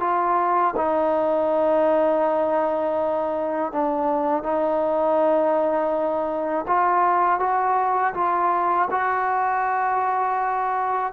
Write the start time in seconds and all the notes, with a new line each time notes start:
0.00 F4
0.76 D#4
3.72 D4
4.43 D#4
6.67 F4
7.39 F#4
8.14 F4
8.91 F#4